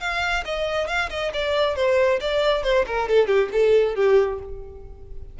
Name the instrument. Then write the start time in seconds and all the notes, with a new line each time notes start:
violin
0.00 F5
0.45 D#5
0.87 F5
1.10 D#5
1.33 D5
1.76 C5
2.20 D5
2.63 C5
2.86 A#4
3.08 A4
3.27 G4
3.52 A4
3.95 G4